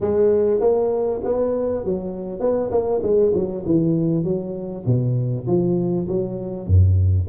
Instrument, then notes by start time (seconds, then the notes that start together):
tuba
0.01 G#3
0.60 A#3
1.24 B3
1.85 F#3
2.39 B3
2.71 A#3
3.02 G#3
3.34 F#3
3.66 E3
4.24 F#3
4.85 B2
5.46 F3
6.08 F#3
6.67 F#2